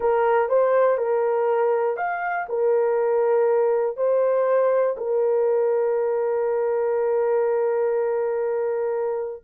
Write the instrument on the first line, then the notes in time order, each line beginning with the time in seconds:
horn
0.00 A#4
0.48 C5
0.97 A#4
1.97 F5
2.48 A#4
3.96 C5
4.97 A#4